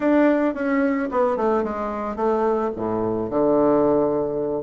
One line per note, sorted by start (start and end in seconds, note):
0.00 0.54 D4
0.54 1.09 C#4
1.11 1.36 B3
1.36 1.63 A3
1.63 2.15 G#3
2.15 2.70 A3
2.75 3.30 A2
3.30 4.63 D3